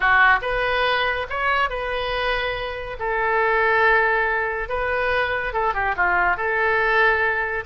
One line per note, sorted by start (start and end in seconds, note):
0.00 0.39 F#4
0.41 1.26 B4
1.29 1.69 C#5
1.69 2.97 B4
2.99 4.68 A4
4.68 5.53 B4
5.53 5.73 A4
5.73 5.95 G4
5.96 6.37 F4
6.37 7.64 A4